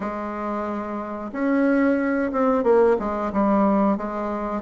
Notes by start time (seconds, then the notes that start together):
0.00 G#3
1.32 C#4
2.31 C4
2.63 A#3
2.99 G#3
3.32 G3
3.97 G#3